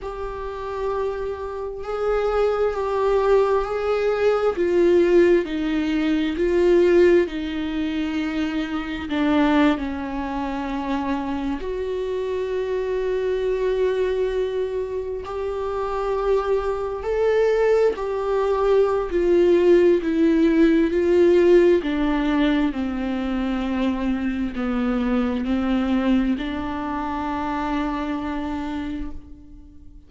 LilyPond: \new Staff \with { instrumentName = "viola" } { \time 4/4 \tempo 4 = 66 g'2 gis'4 g'4 | gis'4 f'4 dis'4 f'4 | dis'2 d'8. cis'4~ cis'16~ | cis'8. fis'2.~ fis'16~ |
fis'8. g'2 a'4 g'16~ | g'4 f'4 e'4 f'4 | d'4 c'2 b4 | c'4 d'2. | }